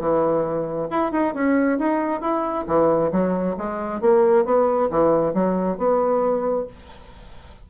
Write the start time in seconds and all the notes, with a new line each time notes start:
0.00 E3
0.91 E4
1.12 D#4
1.34 C#4
1.79 D#4
2.21 E4
2.67 E3
3.12 F#3
3.58 G#3
4.01 A#3
4.45 B3
4.91 E3
5.34 F#3
5.78 B3